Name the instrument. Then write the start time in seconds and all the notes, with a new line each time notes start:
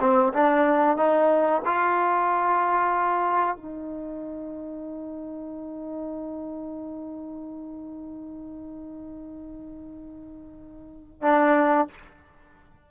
trombone
0.00 C4
0.33 D4
0.97 D#4
1.65 F4
3.56 D#4
11.22 D4